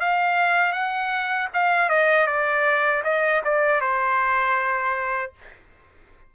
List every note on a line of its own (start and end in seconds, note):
0.00 0.72 F5
0.72 1.48 F#5
1.54 1.89 F5
1.89 2.27 D#5
2.27 3.03 D5
3.04 3.42 D#5
3.44 3.81 D5
3.81 5.33 C5